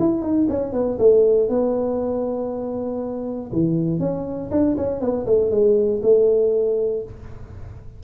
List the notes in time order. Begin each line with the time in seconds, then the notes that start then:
0.00 E4
0.22 D#4
0.50 C#4
0.73 B3
0.99 A3
1.50 B3
3.53 E3
4.00 C#4
4.51 D4
4.78 C#4
5.01 B3
5.27 A3
5.51 G#3
6.03 A3